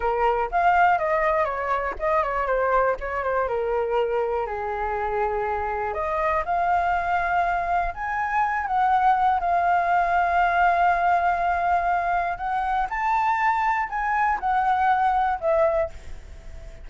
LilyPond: \new Staff \with { instrumentName = "flute" } { \time 4/4 \tempo 4 = 121 ais'4 f''4 dis''4 cis''4 | dis''8 cis''8 c''4 cis''8 c''8 ais'4~ | ais'4 gis'2. | dis''4 f''2. |
gis''4. fis''4. f''4~ | f''1~ | f''4 fis''4 a''2 | gis''4 fis''2 e''4 | }